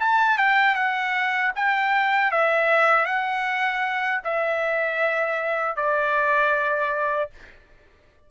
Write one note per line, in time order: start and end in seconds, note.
0.00 0.38 A5
0.38 0.75 G5
0.75 1.52 F#5
1.56 2.32 G5
2.32 3.06 E5
3.06 4.21 F#5
4.24 5.77 E5
5.77 7.30 D5